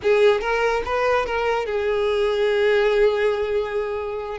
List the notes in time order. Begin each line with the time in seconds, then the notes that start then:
0.02 G#4
0.40 A#4
0.85 B4
1.26 A#4
1.66 G#4